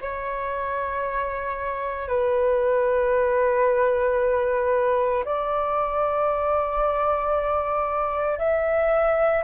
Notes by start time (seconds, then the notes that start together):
0.00 C#5
2.08 B4
5.24 D5
8.38 E5